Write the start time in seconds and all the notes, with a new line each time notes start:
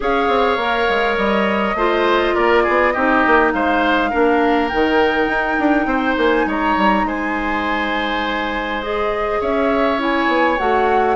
0.00 C#4 G#4 C#5 F5
0.28 C4
0.56 A#3 A#4
0.89 G#3
1.17 G3 D#5
1.74 A3 F4 C5
2.34 A#3 A#4 D5
2.63 B3 G#4
2.91 C4 D#4 G4 D#5
3.26 A#3
3.52 G#3 C5 F5
4.10 A#3 D4 A#4
4.68 D#3 D#4 G5
5.27 D#4
5.59 D4
5.86 C4 C5
6.17 A#3 G#5
6.46 G#3 C#5 A#5
6.76 G3
7.04 G#3 C5 G#5
8.81 G#4 D#5
9.40 C#4 C#5 E5
9.98 E4 G#5
10.27 B3
10.57 A3 F#4 F#5